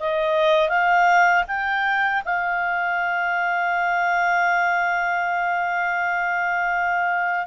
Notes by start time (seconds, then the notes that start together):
0.00 D#5
0.69 F5
1.48 G5
2.25 F5